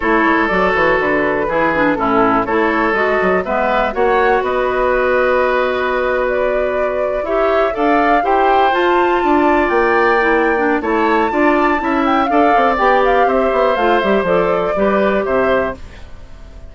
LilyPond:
<<
  \new Staff \with { instrumentName = "flute" } { \time 4/4 \tempo 4 = 122 cis''4 d''8 cis''8 b'2 | a'4 cis''4 dis''4 e''4 | fis''4 dis''2.~ | dis''8. d''2 e''4 f''16~ |
f''8. g''4 a''2 g''16~ | g''2 a''2~ | a''8 g''8 f''4 g''8 f''8 e''4 | f''8 e''8 d''2 e''4 | }
  \new Staff \with { instrumentName = "oboe" } { \time 4/4 a'2. gis'4 | e'4 a'2 b'4 | cis''4 b'2.~ | b'2~ b'8. cis''4 d''16~ |
d''8. c''2 d''4~ d''16~ | d''2 cis''4 d''4 | e''4 d''2 c''4~ | c''2 b'4 c''4 | }
  \new Staff \with { instrumentName = "clarinet" } { \time 4/4 e'4 fis'2 e'8 d'8 | cis'4 e'4 fis'4 b4 | fis'1~ | fis'2~ fis'8. g'4 a'16~ |
a'8. g'4 f'2~ f'16~ | f'8. e'8. d'8 e'4 f'4 | e'4 a'4 g'2 | f'8 g'8 a'4 g'2 | }
  \new Staff \with { instrumentName = "bassoon" } { \time 4/4 a8 gis8 fis8 e8 d4 e4 | a,4 a4 gis8 fis8 gis4 | ais4 b2.~ | b2~ b8. e'4 d'16~ |
d'8. e'4 f'4 d'4 ais16~ | ais2 a4 d'4 | cis'4 d'8 c'8 b4 c'8 b8 | a8 g8 f4 g4 c4 | }
>>